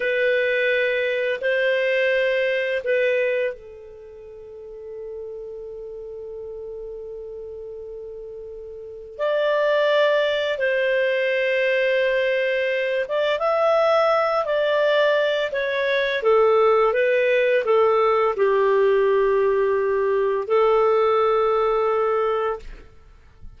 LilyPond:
\new Staff \with { instrumentName = "clarinet" } { \time 4/4 \tempo 4 = 85 b'2 c''2 | b'4 a'2.~ | a'1~ | a'4 d''2 c''4~ |
c''2~ c''8 d''8 e''4~ | e''8 d''4. cis''4 a'4 | b'4 a'4 g'2~ | g'4 a'2. | }